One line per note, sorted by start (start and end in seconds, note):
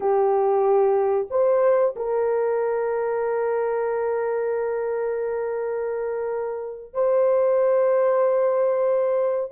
0.00 1.27 G4
1.30 1.94 C5
1.96 6.93 A#4
6.93 9.51 C5